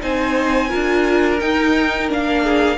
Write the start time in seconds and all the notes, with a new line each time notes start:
0.00 C4 D#4 C5 G#5
0.69 D4 F4 A#4
1.40 D#4 G5
2.08 A#3 D4 F5
2.43 G#4